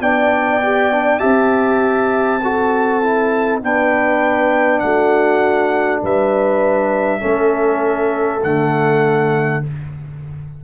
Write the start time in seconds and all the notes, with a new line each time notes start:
0.00 B3 D4 D5 G5
0.62 G4
0.92 D4
1.19 C4 G4 E5 A5
2.43 F#4 A4
3.02 E4
3.61 B3 D4 B4 G5
4.79 A3 F#4 F#5
6.03 G3 B4 E5
7.20 A3 C#4 A4
8.43 D3 A3 F#5